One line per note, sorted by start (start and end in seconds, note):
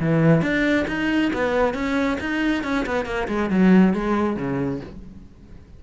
0.00 0.42 E3
0.42 0.86 D4
0.88 1.32 D#4
1.33 1.74 B3
1.74 2.18 C#4
2.20 2.64 D#4
2.64 2.86 C#4
2.86 3.06 B3
3.06 3.28 A#3
3.28 3.50 G#3
3.50 3.94 F#3
3.94 4.37 G#3
4.37 4.80 C#3